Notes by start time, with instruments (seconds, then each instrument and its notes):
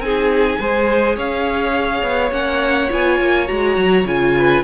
0.00 cello C4, viola D#4, violin G#4 G#5
0.60 cello G#3, viola G#4, violin C5
1.17 cello C#4, violin C#5 F5
2.03 cello B3
2.32 cello A#3, viola C#4, violin F#5
2.91 cello B3, viola F4, violin G#5
3.20 cello A#3
3.47 cello G#3, viola F#4, violin A#5
3.78 cello F#3
4.05 cello C#3, viola F4, violin G#5
4.38 violin B4